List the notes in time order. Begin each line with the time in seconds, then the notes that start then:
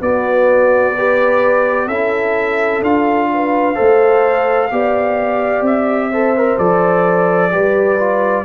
0.00 B3 F#4 D5
0.97 G4 B4
1.87 C#4 E4 A4 E5
2.82 D4 F4 F5
3.34 B4
3.75 A3 A4 C5
4.71 B3 G4 D5
5.62 C4 E5
6.10 A4 C5
6.37 A#4
6.58 F3 A4 D5
7.51 G3 G4 B4
7.99 F4